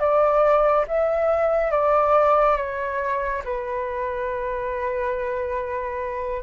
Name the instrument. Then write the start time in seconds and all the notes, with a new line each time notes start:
flute
0.00 D5
0.88 E5
1.71 D5
2.57 C#5
3.45 B4